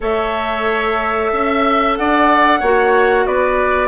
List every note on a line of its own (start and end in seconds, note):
0.00 1.31 A3
0.00 2.61 A4
0.00 1.31 C#5
0.00 1.96 E5
1.32 1.97 C#4
1.32 1.98 E5
1.96 2.61 D4
1.96 2.60 D5
1.96 3.26 F#5
2.60 3.25 A#3
2.60 3.88 F#4
2.60 3.25 C#5
3.25 3.88 B3
3.25 3.88 B4
3.25 3.88 D5